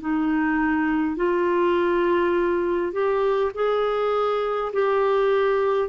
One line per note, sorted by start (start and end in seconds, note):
0.00 1.16 D#4
1.16 2.92 F4
2.92 3.51 G4
3.54 4.72 G#4
4.72 5.88 G4